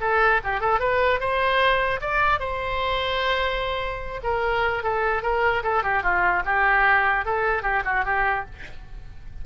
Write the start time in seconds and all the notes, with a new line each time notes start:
0.00 A4
0.43 G4
0.60 A4
0.79 B4
1.20 C5
2.00 D5
2.39 C5
4.23 A#4
4.83 A4
5.22 A#4
5.63 A4
5.83 G4
6.02 F4
6.45 G4
7.25 A4
7.62 G4
7.84 F#4
8.04 G4